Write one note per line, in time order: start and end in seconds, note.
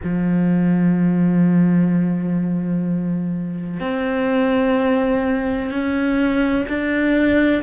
0.03 3.80 F3
3.80 5.70 C4
5.71 6.66 C#4
6.68 7.62 D4